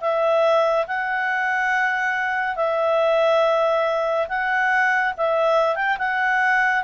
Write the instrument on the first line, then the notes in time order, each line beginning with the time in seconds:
clarinet
0.00 E5
0.87 F#5
2.56 E5
4.28 F#5
5.17 E5
5.75 G5
5.98 F#5